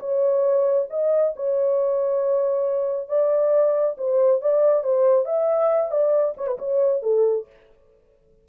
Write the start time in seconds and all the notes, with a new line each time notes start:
0.00 C#5
0.90 D#5
1.36 C#5
3.09 D5
3.98 C5
4.41 D5
4.84 C5
5.26 E5
5.91 D5
6.37 C#5
6.48 B4
6.59 C#5
7.03 A4